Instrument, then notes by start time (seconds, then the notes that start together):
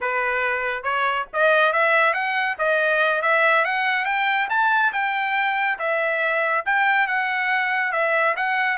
trumpet
0.01 B4
0.83 C#5
1.33 D#5
1.72 E5
2.13 F#5
2.58 D#5
3.21 E5
3.64 F#5
4.05 G5
4.49 A5
4.92 G5
5.78 E5
6.65 G5
7.07 F#5
7.91 E5
8.36 F#5